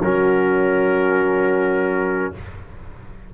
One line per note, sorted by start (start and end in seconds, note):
0.00 2.31 F#3
0.00 2.34 C#4
0.00 2.33 F#4
0.00 2.33 A#4